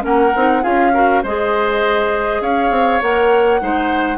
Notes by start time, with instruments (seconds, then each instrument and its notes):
0.00 bassoon A#3, clarinet C#4, oboe A#4, flute F#5
0.35 bassoon C4, clarinet D#4
0.62 bassoon C#4, clarinet F4, oboe G#4, flute F5
0.93 clarinet F#4, oboe A#4
1.23 bassoon G#3, clarinet G#4, oboe C5, flute D#5
2.41 bassoon C#4, oboe C#5, flute F5
2.71 bassoon C4
3.02 bassoon A#3, clarinet A#4, flute F#5
3.61 bassoon G#3, clarinet D#4, oboe C5